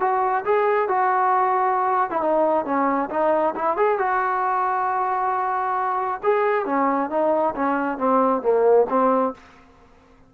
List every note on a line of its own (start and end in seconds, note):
0.00 0.44 F#4
0.45 0.88 G#4
0.88 2.11 F#4
2.11 2.21 E4
2.21 2.65 D#4
2.65 3.10 C#4
3.10 3.55 D#4
3.55 3.77 E4
3.77 3.99 G#4
3.99 6.21 F#4
6.23 6.66 G#4
6.66 7.10 C#4
7.10 7.55 D#4
7.55 7.98 C#4
7.98 8.42 C4
8.42 8.86 A#3
8.90 9.34 C4